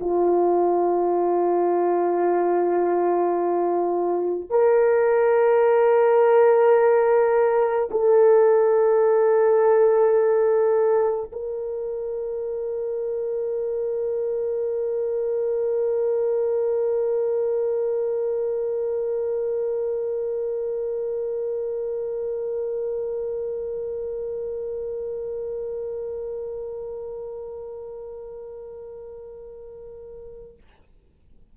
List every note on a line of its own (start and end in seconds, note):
0.00 4.50 F4
4.50 7.89 A#4
7.91 11.31 A4
11.33 30.57 A#4